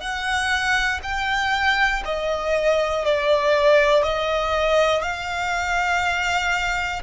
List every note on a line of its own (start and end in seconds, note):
0.00 1.00 F#5
1.03 2.03 G5
2.05 3.05 D#5
3.05 4.03 D5
4.03 5.02 D#5
5.02 7.02 F5